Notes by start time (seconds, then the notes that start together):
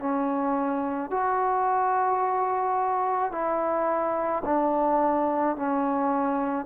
0.00 C#4
1.11 F#4
3.32 E4
4.45 D4
5.57 C#4